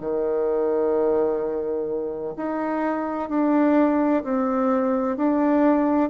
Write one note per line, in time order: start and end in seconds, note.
0.00 2.34 D#3
2.36 3.29 D#4
3.29 4.23 D4
4.23 5.16 C4
5.16 6.09 D4